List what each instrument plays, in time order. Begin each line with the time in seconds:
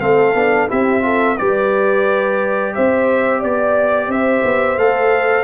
0.00 tuba A3, trombone C4, horn A4, trumpet F5
0.35 tuba B3, trombone D4
0.68 tuba C4, trombone E4, horn G4, trumpet E5
1.02 trombone F4, horn A4
1.37 tuba G3, trombone G4, horn B4, trumpet D5
2.75 tuba C4, horn C5, trumpet E5
3.39 tuba B3, horn D5, trumpet D5
4.08 tuba C4, horn C5, trumpet E5
4.44 tuba B3
4.77 tuba A3, trombone A4, trumpet F5